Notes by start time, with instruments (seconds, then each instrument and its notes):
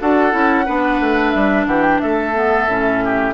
0.00 bassoon D4, clarinet F#4, oboe A4, flute F#5
0.31 bassoon C#4, clarinet E4
0.65 bassoon B3, clarinet D4, oboe B4
1.00 bassoon A3
1.31 bassoon G3, flute E5
1.66 bassoon E3, oboe G4, flute F#5
1.82 flute G5
1.99 bassoon A3, oboe A4, flute E5
2.34 clarinet B3
2.66 bassoon A2, clarinet C#4
3.04 oboe G4